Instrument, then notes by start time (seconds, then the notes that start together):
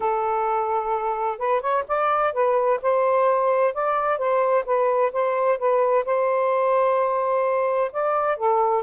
saxophone
0.00 A4
1.38 B4
1.60 C#5
1.88 D5
2.33 B4
2.82 C5
3.74 D5
4.18 C5
4.65 B4
5.12 C5
5.58 B4
6.05 C5
7.92 D5
8.36 A4